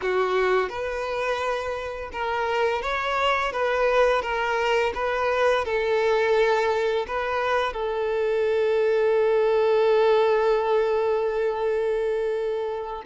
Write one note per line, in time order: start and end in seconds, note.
0.01 0.69 F#4
0.69 2.10 B4
2.12 2.82 A#4
2.82 3.52 C#5
3.52 4.22 B4
4.22 4.92 A#4
4.94 5.65 B4
5.65 7.06 A4
7.07 7.73 B4
7.73 13.02 A4